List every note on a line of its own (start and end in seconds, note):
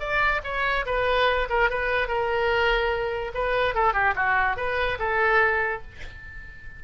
0.00 0.41 D5
0.44 0.85 C#5
0.86 1.48 B4
1.50 1.70 A#4
1.70 2.08 B4
2.08 3.32 A#4
3.35 3.75 B4
3.75 3.94 A4
3.94 4.14 G4
4.16 4.57 F#4
4.57 4.98 B4
4.99 5.82 A4